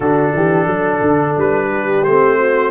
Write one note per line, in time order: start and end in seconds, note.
0.00 0.31 D3
0.00 2.06 D4
0.00 0.34 F#4
0.00 1.36 A4
0.34 0.65 E3
0.34 0.65 G4
0.65 1.00 F#3
0.65 1.68 A4
1.01 1.35 D3
1.37 2.06 G3
1.37 2.04 B4
1.71 2.38 G4
2.04 2.70 A3
2.04 2.70 C4
2.04 2.70 C5
2.38 2.70 F#4